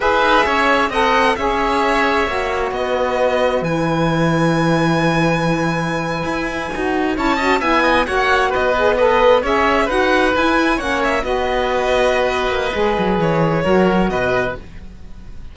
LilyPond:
<<
  \new Staff \with { instrumentName = "violin" } { \time 4/4 \tempo 4 = 132 e''2 fis''4 e''4~ | e''2 dis''2 | gis''1~ | gis''2.~ gis''8. a''16~ |
a''8. gis''4 fis''4 dis''4 b'16~ | b'8. e''4 fis''4 gis''4 fis''16~ | fis''16 e''8 dis''2.~ dis''16~ | dis''4 cis''2 dis''4 | }
  \new Staff \with { instrumentName = "oboe" } { \time 4/4 b'4 cis''4 dis''4 cis''4~ | cis''2 b'2~ | b'1~ | b'2.~ b'8. cis''16~ |
cis''16 dis''8 e''8 dis''8 cis''4 b'4 dis''16~ | dis''8. cis''4 b'2 cis''16~ | cis''8. b'2.~ b'16~ | b'2 ais'4 b'4 | }
  \new Staff \with { instrumentName = "saxophone" } { \time 4/4 gis'2 a'4 gis'4~ | gis'4 fis'2. | e'1~ | e'2~ e'8. fis'4 e'16~ |
e'16 fis'8 e'4 fis'4. gis'8 a'16~ | a'8. gis'4 fis'4 e'4 cis'16~ | cis'8. fis'2.~ fis'16 | gis'2 fis'2 | }
  \new Staff \with { instrumentName = "cello" } { \time 4/4 e'8 dis'8 cis'4 c'4 cis'4~ | cis'4 ais4 b2 | e1~ | e4.~ e16 e'4 dis'4 cis'16~ |
cis'8. b4 ais4 b4~ b16~ | b8. cis'4 dis'4 e'4 ais16~ | ais8. b2~ b8. ais8 | gis8 fis8 e4 fis4 b,4 | }
>>